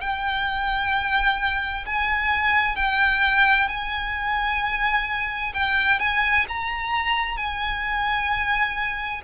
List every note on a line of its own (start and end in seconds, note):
0.00 1.85 G5
1.85 2.76 G#5
2.76 3.68 G5
3.68 5.53 G#5
5.54 5.99 G5
5.99 6.45 G#5
6.48 7.36 A#5
7.36 9.21 G#5